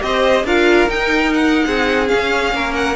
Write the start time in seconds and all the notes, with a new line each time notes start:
0.00 C4 G4 C5 D#5
0.44 D4 F4 A#4 F5
0.88 D#4 G5
1.34 F#5
1.66 C4 G#4
2.08 C#4 F5
2.53 A#3 A#4
2.75 F#5